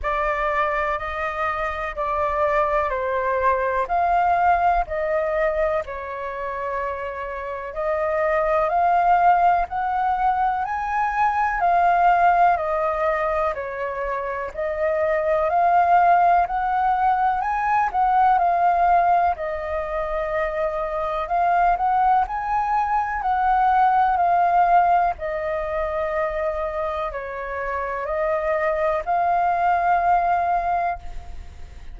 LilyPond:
\new Staff \with { instrumentName = "flute" } { \time 4/4 \tempo 4 = 62 d''4 dis''4 d''4 c''4 | f''4 dis''4 cis''2 | dis''4 f''4 fis''4 gis''4 | f''4 dis''4 cis''4 dis''4 |
f''4 fis''4 gis''8 fis''8 f''4 | dis''2 f''8 fis''8 gis''4 | fis''4 f''4 dis''2 | cis''4 dis''4 f''2 | }